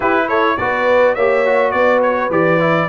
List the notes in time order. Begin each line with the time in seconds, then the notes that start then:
0.00 E4 G4 B4
0.28 A4 C#5
0.57 B3 F#4 B4 D5
1.15 A#3 G4 C#5 E5
1.45 F#4
1.71 B3 B4 D5
2.02 C#5
2.30 E3 G4 D5
2.59 E4